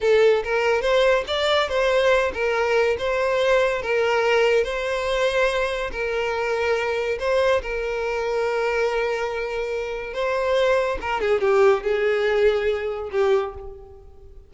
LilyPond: \new Staff \with { instrumentName = "violin" } { \time 4/4 \tempo 4 = 142 a'4 ais'4 c''4 d''4 | c''4. ais'4. c''4~ | c''4 ais'2 c''4~ | c''2 ais'2~ |
ais'4 c''4 ais'2~ | ais'1 | c''2 ais'8 gis'8 g'4 | gis'2. g'4 | }